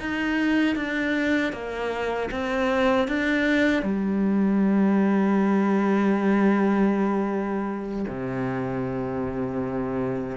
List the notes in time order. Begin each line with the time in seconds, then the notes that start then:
0.00 D#4
0.76 D4
1.53 A#3
2.31 C4
3.08 D4
3.83 G3
8.08 C3